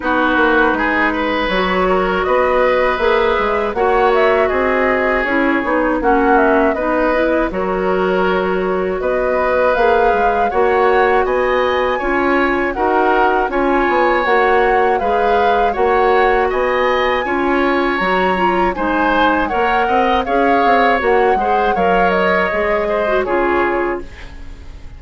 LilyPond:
<<
  \new Staff \with { instrumentName = "flute" } { \time 4/4 \tempo 4 = 80 b'2 cis''4 dis''4 | e''4 fis''8 e''8 dis''4 cis''4 | fis''8 e''8 dis''4 cis''2 | dis''4 f''4 fis''4 gis''4~ |
gis''4 fis''4 gis''4 fis''4 | f''4 fis''4 gis''2 | ais''4 gis''4 fis''4 f''4 | fis''4 f''8 dis''4. cis''4 | }
  \new Staff \with { instrumentName = "oboe" } { \time 4/4 fis'4 gis'8 b'4 ais'8 b'4~ | b'4 cis''4 gis'2 | fis'4 b'4 ais'2 | b'2 cis''4 dis''4 |
cis''4 ais'4 cis''2 | b'4 cis''4 dis''4 cis''4~ | cis''4 c''4 cis''8 dis''8 cis''4~ | cis''8 c''8 cis''4. c''8 gis'4 | }
  \new Staff \with { instrumentName = "clarinet" } { \time 4/4 dis'2 fis'2 | gis'4 fis'2 e'8 dis'8 | cis'4 dis'8 e'8 fis'2~ | fis'4 gis'4 fis'2 |
f'4 fis'4 f'4 fis'4 | gis'4 fis'2 f'4 | fis'8 f'8 dis'4 ais'4 gis'4 | fis'8 gis'8 ais'4 gis'8. fis'16 f'4 | }
  \new Staff \with { instrumentName = "bassoon" } { \time 4/4 b8 ais8 gis4 fis4 b4 | ais8 gis8 ais4 c'4 cis'8 b8 | ais4 b4 fis2 | b4 ais8 gis8 ais4 b4 |
cis'4 dis'4 cis'8 b8 ais4 | gis4 ais4 b4 cis'4 | fis4 gis4 ais8 c'8 cis'8 c'8 | ais8 gis8 fis4 gis4 cis4 | }
>>